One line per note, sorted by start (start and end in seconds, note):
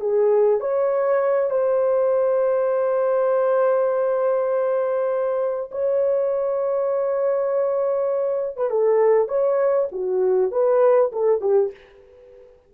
0.00 0.60 G#4
0.60 1.50 C#5
1.50 5.70 C5
5.71 8.56 C#5
8.56 8.70 B4
8.70 9.28 A4
9.28 9.88 C#5
9.91 10.51 F#4
10.51 11.11 B4
11.12 11.41 A4
11.41 11.71 G4